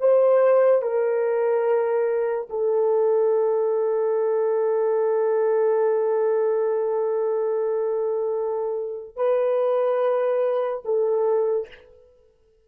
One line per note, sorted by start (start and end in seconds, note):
0.00 0.81 C5
0.81 2.48 A#4
2.49 9.16 A4
9.16 10.83 B4
10.84 11.68 A4